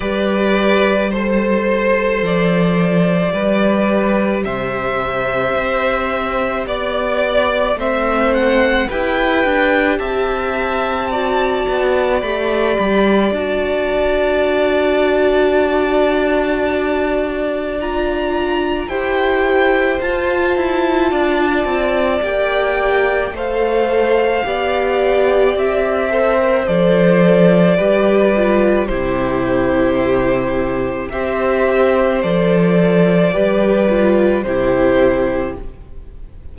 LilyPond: <<
  \new Staff \with { instrumentName = "violin" } { \time 4/4 \tempo 4 = 54 d''4 c''4 d''2 | e''2 d''4 e''8 fis''8 | g''4 a''2 b''4 | a''1 |
ais''4 g''4 a''2 | g''4 f''2 e''4 | d''2 c''2 | e''4 d''2 c''4 | }
  \new Staff \with { instrumentName = "violin" } { \time 4/4 b'4 c''2 b'4 | c''2 d''4 c''4 | b'4 e''4 d''2~ | d''1~ |
d''4 c''2 d''4~ | d''4 c''4 d''4. c''8~ | c''4 b'4 g'2 | c''2 b'4 g'4 | }
  \new Staff \with { instrumentName = "viola" } { \time 4/4 g'4 a'2 g'4~ | g'2. c'4 | g'2 fis'4 g'4 | fis'1 |
f'4 g'4 f'2 | g'4 a'4 g'4. a'16 ais'16 | a'4 g'8 f'8 e'2 | g'4 a'4 g'8 f'8 e'4 | }
  \new Staff \with { instrumentName = "cello" } { \time 4/4 g2 f4 g4 | c4 c'4 b4 a4 | e'8 d'8 c'4. b8 a8 g8 | d'1~ |
d'4 e'4 f'8 e'8 d'8 c'8 | ais4 a4 b4 c'4 | f4 g4 c2 | c'4 f4 g4 c4 | }
>>